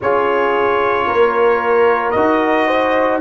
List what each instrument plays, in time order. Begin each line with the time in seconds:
0.01 tuba C#4, trombone F4, horn G#4, trumpet C#5
1.06 tuba A#3, horn A#4
2.10 tuba D#4, trombone F#4, trumpet D#5
2.67 horn C5